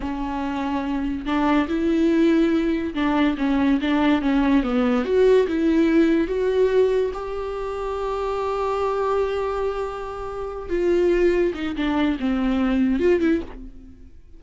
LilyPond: \new Staff \with { instrumentName = "viola" } { \time 4/4 \tempo 4 = 143 cis'2. d'4 | e'2. d'4 | cis'4 d'4 cis'4 b4 | fis'4 e'2 fis'4~ |
fis'4 g'2.~ | g'1~ | g'4. f'2 dis'8 | d'4 c'2 f'8 e'8 | }